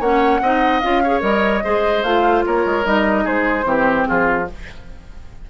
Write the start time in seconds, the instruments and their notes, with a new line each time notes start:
0.00 bassoon A#3, clarinet C#4, oboe C#5, flute F#5
0.41 bassoon C4, clarinet D#4, oboe D#5
0.80 bassoon C#4, clarinet F4, flute F5
1.03 clarinet G#4, oboe C#5
1.21 bassoon G3, clarinet A#4, flute D#5
1.64 bassoon G#3, clarinet G#4, oboe C5
2.03 bassoon A3, clarinet F4, flute F5
2.46 bassoon A#3, oboe A#4, flute C#5
2.65 bassoon G#3
2.84 bassoon G3, clarinet D#4, flute D#5
3.24 bassoon G#3, oboe G#4, flute C5
3.64 bassoon E3, clarinet C4, oboe G4
4.07 bassoon F3, oboe F4, flute G#4